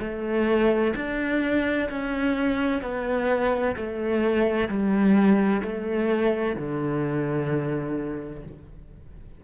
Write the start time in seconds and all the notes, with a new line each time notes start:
0.00 A3
0.95 D4
1.90 C#4
2.82 B3
3.76 A3
4.68 G3
5.62 A3
6.55 D3